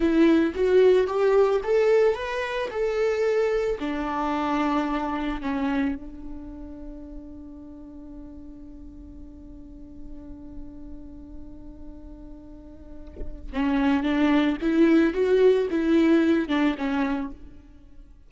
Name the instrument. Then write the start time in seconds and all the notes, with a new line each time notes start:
viola
0.00 E4
0.55 F#4
1.07 G4
1.63 A4
2.14 B4
2.70 A4
3.79 D4
5.41 C#4
5.95 D4
13.52 C#4
14.03 D4
14.61 E4
15.13 F#4
15.70 E4
16.48 D4
16.77 C#4